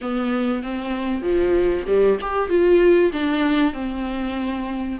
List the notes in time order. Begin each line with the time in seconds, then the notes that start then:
0.01 B3
0.62 C4
1.22 F3
1.86 G3
2.21 G4
2.49 F4
3.12 D4
3.73 C4